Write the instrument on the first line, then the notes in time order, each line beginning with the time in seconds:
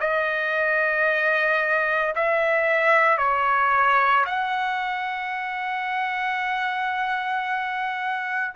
trumpet
0.00 D#5
2.15 E5
3.18 C#5
4.26 F#5